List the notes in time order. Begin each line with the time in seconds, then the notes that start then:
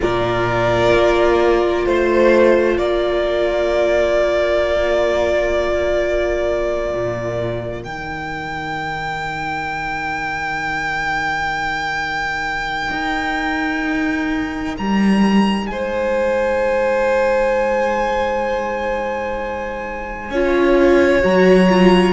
0.00 A#2 F4 A#4 D5
0.94 A#3
1.85 A3 C5
2.77 A#3 A#4 D5
6.93 A#2
7.83 D#3 D#4 G5
12.90 D#4
14.77 G3 A#5
15.67 G#3 C5 G#5
20.30 C#4 F4 C#5
21.21 F#3 F#4 A#5
21.69 F4